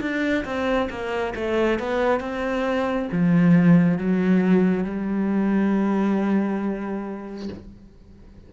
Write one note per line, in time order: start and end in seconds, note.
0.00 0.44 D4
0.45 0.89 C4
0.90 1.34 A#3
1.35 1.79 A3
1.79 2.20 B3
2.20 3.08 C4
3.12 3.97 F3
3.97 4.84 F#3
4.84 7.48 G3